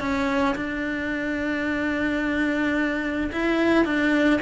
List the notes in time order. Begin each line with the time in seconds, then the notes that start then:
0.00 C#4
0.56 D4
3.33 E4
3.85 D4